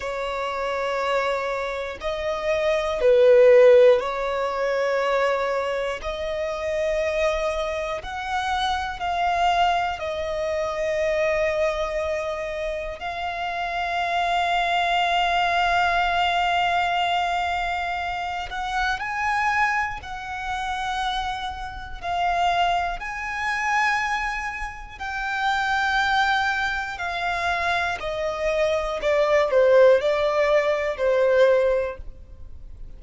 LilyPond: \new Staff \with { instrumentName = "violin" } { \time 4/4 \tempo 4 = 60 cis''2 dis''4 b'4 | cis''2 dis''2 | fis''4 f''4 dis''2~ | dis''4 f''2.~ |
f''2~ f''8 fis''8 gis''4 | fis''2 f''4 gis''4~ | gis''4 g''2 f''4 | dis''4 d''8 c''8 d''4 c''4 | }